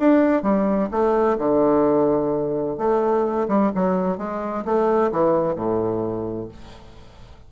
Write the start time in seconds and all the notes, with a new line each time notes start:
0.00 D4
0.43 G3
0.92 A3
1.39 D3
2.78 A3
3.49 G3
3.75 F#3
4.19 G#3
4.66 A3
5.12 E3
5.56 A2